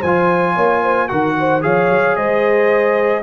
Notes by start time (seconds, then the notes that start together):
0.00 F3 C5 G#5
0.07 F4
0.55 A#3 C#5
0.83 C5
1.08 D#3 F#4 A#4 F#5
1.40 C5
1.61 F3 G#4 C#5 F5
1.90 F#3
2.16 G#3 C5 D#5